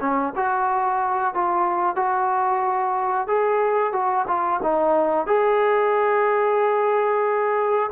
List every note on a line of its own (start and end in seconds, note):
0.00 0.33 C#4
0.35 1.34 F#4
1.34 1.95 F4
1.95 3.27 F#4
3.27 3.92 G#4
3.92 4.25 F#4
4.27 4.60 F4
4.62 5.26 D#4
5.26 7.90 G#4